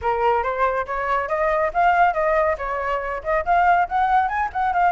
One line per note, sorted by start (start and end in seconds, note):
0.01 0.43 A#4
0.43 0.86 C5
0.86 1.28 C#5
1.28 1.71 D#5
1.73 2.13 F5
2.13 2.56 D#5
2.58 3.22 C#5
3.23 3.44 D#5
3.45 3.88 F5
3.88 4.28 F#5
4.28 4.49 G#5
4.53 4.73 F#5
4.73 4.92 F5